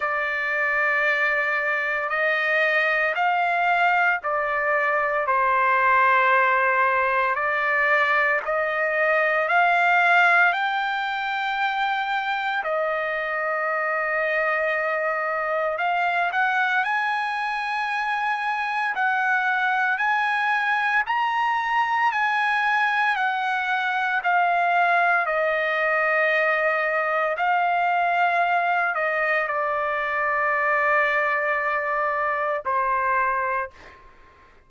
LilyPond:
\new Staff \with { instrumentName = "trumpet" } { \time 4/4 \tempo 4 = 57 d''2 dis''4 f''4 | d''4 c''2 d''4 | dis''4 f''4 g''2 | dis''2. f''8 fis''8 |
gis''2 fis''4 gis''4 | ais''4 gis''4 fis''4 f''4 | dis''2 f''4. dis''8 | d''2. c''4 | }